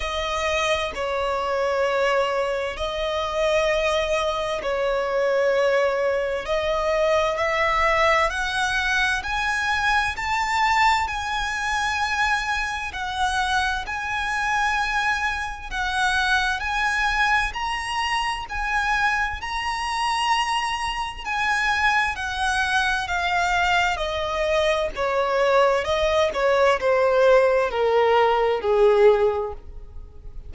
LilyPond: \new Staff \with { instrumentName = "violin" } { \time 4/4 \tempo 4 = 65 dis''4 cis''2 dis''4~ | dis''4 cis''2 dis''4 | e''4 fis''4 gis''4 a''4 | gis''2 fis''4 gis''4~ |
gis''4 fis''4 gis''4 ais''4 | gis''4 ais''2 gis''4 | fis''4 f''4 dis''4 cis''4 | dis''8 cis''8 c''4 ais'4 gis'4 | }